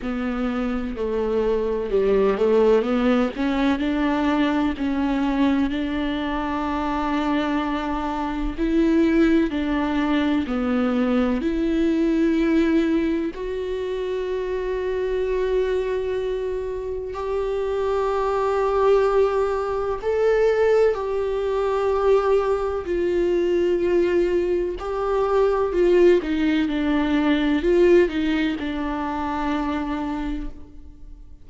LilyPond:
\new Staff \with { instrumentName = "viola" } { \time 4/4 \tempo 4 = 63 b4 a4 g8 a8 b8 cis'8 | d'4 cis'4 d'2~ | d'4 e'4 d'4 b4 | e'2 fis'2~ |
fis'2 g'2~ | g'4 a'4 g'2 | f'2 g'4 f'8 dis'8 | d'4 f'8 dis'8 d'2 | }